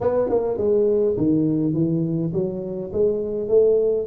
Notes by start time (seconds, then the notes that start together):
0.00 B3
0.29 A#3
0.57 G#3
1.17 D#3
1.73 E3
2.33 F#3
2.92 G#3
3.48 A3